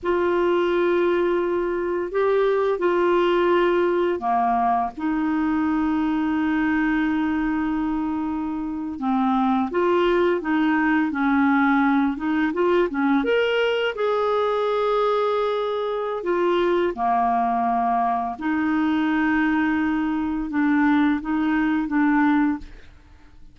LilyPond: \new Staff \with { instrumentName = "clarinet" } { \time 4/4 \tempo 4 = 85 f'2. g'4 | f'2 ais4 dis'4~ | dis'1~ | dis'8. c'4 f'4 dis'4 cis'16~ |
cis'4~ cis'16 dis'8 f'8 cis'8 ais'4 gis'16~ | gis'2. f'4 | ais2 dis'2~ | dis'4 d'4 dis'4 d'4 | }